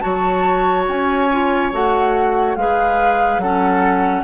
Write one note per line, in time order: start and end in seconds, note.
0.00 0.88 F#3
0.00 1.28 F#4
0.00 2.57 C#5
0.00 0.85 A5
0.88 1.73 C#4
0.88 1.73 G#5
1.32 1.73 F4
1.73 2.57 A3
1.73 2.57 F#4
1.73 2.56 F#5
2.56 3.38 G#3
2.56 3.42 G#4
2.56 3.42 B4
2.56 3.40 F5
3.38 4.23 F#3
3.38 4.24 C#4
3.38 4.24 A4
3.38 4.24 F#5